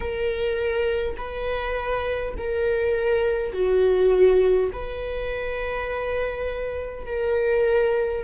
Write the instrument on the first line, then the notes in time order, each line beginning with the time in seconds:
viola
0.00 A#4
1.17 B4
2.37 A#4
3.52 F#4
4.72 B4
7.06 A#4